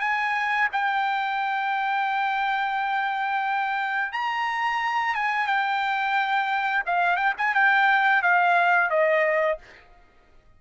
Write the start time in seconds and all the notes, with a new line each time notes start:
0.00 G#5
0.72 G5
4.12 A#5
5.14 G#5
5.47 G5
6.86 F5
7.16 G5
7.38 G#5
7.54 G5
8.22 F5
8.90 D#5